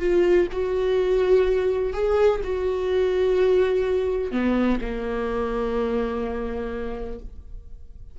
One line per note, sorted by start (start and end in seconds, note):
0.00 0.48 F4
0.52 1.93 F#4
1.93 2.41 G#4
2.44 4.32 F#4
4.32 4.79 B3
4.82 7.20 A#3